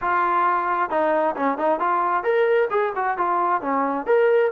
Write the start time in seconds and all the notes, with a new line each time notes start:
0.01 F4
0.90 D#4
1.36 C#4
1.57 D#4
1.79 F4
2.23 A#4
2.70 G#4
2.95 F#4
3.17 F4
3.61 C#4
4.06 A#4